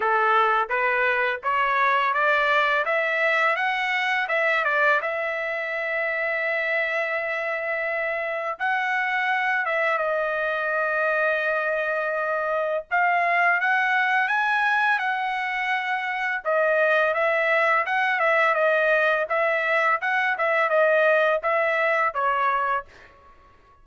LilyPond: \new Staff \with { instrumentName = "trumpet" } { \time 4/4 \tempo 4 = 84 a'4 b'4 cis''4 d''4 | e''4 fis''4 e''8 d''8 e''4~ | e''1 | fis''4. e''8 dis''2~ |
dis''2 f''4 fis''4 | gis''4 fis''2 dis''4 | e''4 fis''8 e''8 dis''4 e''4 | fis''8 e''8 dis''4 e''4 cis''4 | }